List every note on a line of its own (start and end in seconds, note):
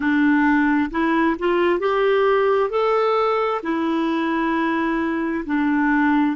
0.00 0.90 D4
0.90 1.36 E4
1.38 1.79 F4
1.79 2.70 G4
2.70 3.61 A4
3.62 5.44 E4
5.45 6.36 D4